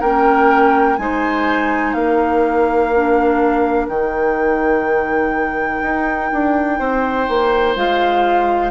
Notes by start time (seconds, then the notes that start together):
0.00 A#3 C#4 A#4 G5
0.97 G#3 D#4 C5 G#5
1.93 A#3 A#4 F5
2.96 D4
3.89 D#3 D#4 G5
5.82 D#4
6.33 D4
6.79 C4 C5
7.28 A#3
7.76 G#3 F4 F5